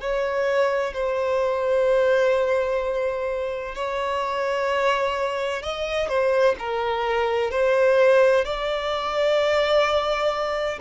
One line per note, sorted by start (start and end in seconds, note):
0.00 0.93 C#5
0.93 3.75 C5
3.75 5.62 C#5
5.62 6.08 D#5
6.08 6.55 C5
6.58 7.50 A#4
7.50 8.44 C5
8.44 10.79 D5